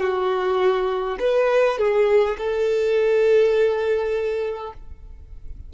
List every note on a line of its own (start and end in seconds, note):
0.00 1.18 F#4
1.19 1.78 B4
1.78 2.37 G#4
2.38 4.73 A4